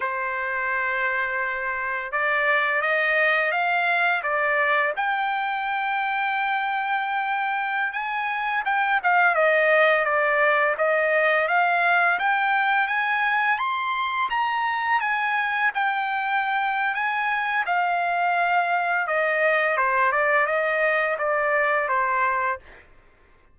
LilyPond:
\new Staff \with { instrumentName = "trumpet" } { \time 4/4 \tempo 4 = 85 c''2. d''4 | dis''4 f''4 d''4 g''4~ | g''2.~ g''16 gis''8.~ | gis''16 g''8 f''8 dis''4 d''4 dis''8.~ |
dis''16 f''4 g''4 gis''4 c'''8.~ | c'''16 ais''4 gis''4 g''4.~ g''16 | gis''4 f''2 dis''4 | c''8 d''8 dis''4 d''4 c''4 | }